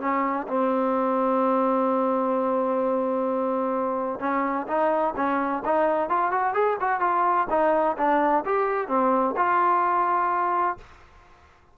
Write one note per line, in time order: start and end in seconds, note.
0.00 0.47 C#4
0.48 4.20 C4
4.20 4.66 C#4
4.67 5.14 D#4
5.16 5.63 C#4
5.65 6.09 D#4
6.09 6.31 F4
6.31 6.53 F#4
6.53 6.77 G#4
6.80 7.00 F#4
7.00 7.47 F4
7.50 7.96 D#4
7.97 8.44 D4
8.45 8.88 G4
8.88 9.35 C4
9.37 10.77 F4